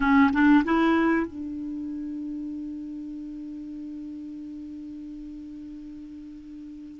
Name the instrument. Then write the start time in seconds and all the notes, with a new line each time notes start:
clarinet
0.00 C#4
0.32 D4
0.64 E4
1.27 D4